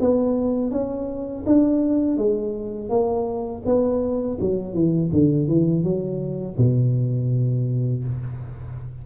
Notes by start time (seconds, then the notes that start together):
0.00 B3
0.71 C#4
1.46 D4
2.17 G#3
2.89 A#3
3.65 B3
4.40 F#3
4.73 E3
5.12 D3
5.47 E3
5.83 F#3
6.57 B2